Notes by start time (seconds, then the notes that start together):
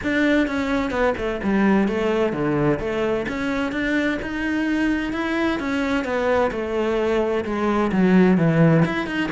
0.03 D4
0.47 C#4
0.90 B3
1.17 A3
1.43 G3
1.88 A3
2.32 D3
2.79 A3
3.28 C#4
3.71 D4
4.22 D#4
5.12 E4
5.59 C#4
6.04 B3
6.51 A3
7.44 G#3
7.92 F#3
8.37 E3
8.85 E4
9.06 D#4